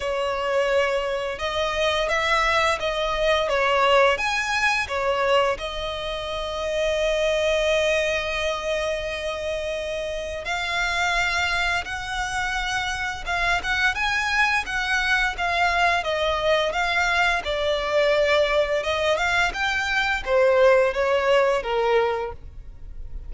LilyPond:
\new Staff \with { instrumentName = "violin" } { \time 4/4 \tempo 4 = 86 cis''2 dis''4 e''4 | dis''4 cis''4 gis''4 cis''4 | dis''1~ | dis''2. f''4~ |
f''4 fis''2 f''8 fis''8 | gis''4 fis''4 f''4 dis''4 | f''4 d''2 dis''8 f''8 | g''4 c''4 cis''4 ais'4 | }